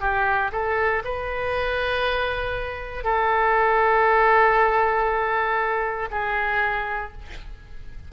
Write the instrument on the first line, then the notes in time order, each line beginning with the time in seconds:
oboe
0.00 G4
0.52 A4
1.04 B4
3.04 A4
6.11 G#4